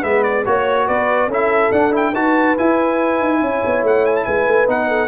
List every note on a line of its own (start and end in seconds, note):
0.00 0.46 G#3
0.00 0.45 B3
0.00 0.42 B4
0.00 0.23 E5
0.23 0.44 D5
0.45 0.88 A#3
0.45 1.30 F#4
0.45 0.88 C#5
0.45 0.86 C#5
0.86 1.27 B3
0.86 1.27 B4
0.86 1.30 D5
1.27 1.70 C#4
1.27 1.73 E4
1.27 2.12 A4
1.33 1.72 E5
1.71 2.13 D4
1.71 1.91 D4
1.71 1.93 F#5
1.91 2.12 E4
1.91 2.15 G5
2.13 2.55 D#4
2.13 2.57 F#4
2.13 3.40 B4
2.13 2.57 A5
2.57 4.67 E4
2.57 3.21 E4
2.57 3.85 G#5
3.21 3.41 D#4
3.41 3.62 C#4
3.41 4.26 C#5
3.66 3.83 B3
3.83 4.25 A3
3.83 4.06 F#5
4.06 4.16 G#5
4.16 4.24 A5
4.24 4.46 G#3
4.24 4.88 B4
4.24 4.66 G#5
4.46 4.68 A3
4.67 5.08 B3
4.67 5.08 D#4
4.67 5.08 F#5
4.88 5.08 A4